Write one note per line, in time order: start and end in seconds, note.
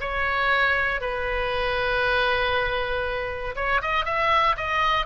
0.00 1.01 C#5
1.01 3.55 B4
3.55 3.81 C#5
3.81 4.05 D#5
4.05 4.56 E5
4.56 5.06 D#5